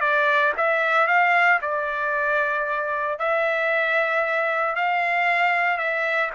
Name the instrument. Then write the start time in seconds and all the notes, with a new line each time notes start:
trumpet
0.00 D5
0.57 E5
1.07 F5
1.61 D5
3.19 E5
4.75 F5
5.78 E5